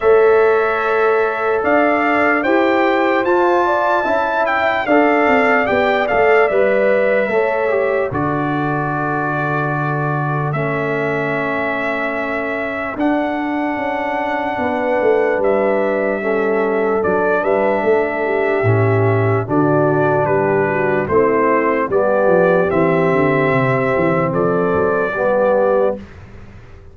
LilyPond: <<
  \new Staff \with { instrumentName = "trumpet" } { \time 4/4 \tempo 4 = 74 e''2 f''4 g''4 | a''4. g''8 f''4 g''8 f''8 | e''2 d''2~ | d''4 e''2. |
fis''2. e''4~ | e''4 d''8 e''2~ e''8 | d''4 b'4 c''4 d''4 | e''2 d''2 | }
  \new Staff \with { instrumentName = "horn" } { \time 4/4 cis''2 d''4 c''4~ | c''8 d''8 e''4 d''2~ | d''4 cis''4 a'2~ | a'1~ |
a'2 b'2 | a'4. b'8 a'8 g'4. | fis'4 g'8 fis'8 e'4 g'4~ | g'2 a'4 g'4 | }
  \new Staff \with { instrumentName = "trombone" } { \time 4/4 a'2. g'4 | f'4 e'4 a'4 g'8 a'8 | b'4 a'8 g'8 fis'2~ | fis'4 cis'2. |
d'1 | cis'4 d'2 cis'4 | d'2 c'4 b4 | c'2. b4 | }
  \new Staff \with { instrumentName = "tuba" } { \time 4/4 a2 d'4 e'4 | f'4 cis'4 d'8 c'8 b8 a8 | g4 a4 d2~ | d4 a2. |
d'4 cis'4 b8 a8 g4~ | g4 fis8 g8 a4 a,4 | d4 g4 a4 g8 f8 | e8 d8 c8 e8 f8 fis8 g4 | }
>>